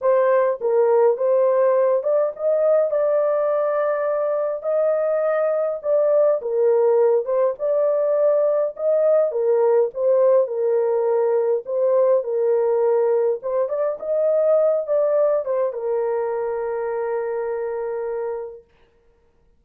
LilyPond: \new Staff \with { instrumentName = "horn" } { \time 4/4 \tempo 4 = 103 c''4 ais'4 c''4. d''8 | dis''4 d''2. | dis''2 d''4 ais'4~ | ais'8 c''8 d''2 dis''4 |
ais'4 c''4 ais'2 | c''4 ais'2 c''8 d''8 | dis''4. d''4 c''8 ais'4~ | ais'1 | }